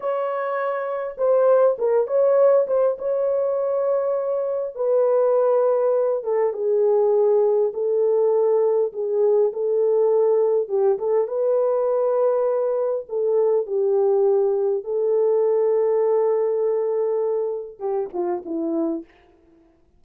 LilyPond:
\new Staff \with { instrumentName = "horn" } { \time 4/4 \tempo 4 = 101 cis''2 c''4 ais'8 cis''8~ | cis''8 c''8 cis''2. | b'2~ b'8 a'8 gis'4~ | gis'4 a'2 gis'4 |
a'2 g'8 a'8 b'4~ | b'2 a'4 g'4~ | g'4 a'2.~ | a'2 g'8 f'8 e'4 | }